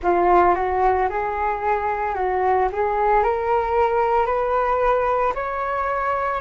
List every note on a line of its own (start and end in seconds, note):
0.02 0.54 F4
0.54 1.08 F#4
1.10 2.14 G#4
2.14 2.68 F#4
2.72 3.23 G#4
3.23 4.26 A#4
4.26 5.33 B4
5.35 6.40 C#5